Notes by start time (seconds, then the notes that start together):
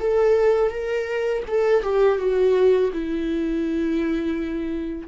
0.00 A4
0.71 A#4
1.48 A4
1.82 G4
2.18 F#4
2.92 E4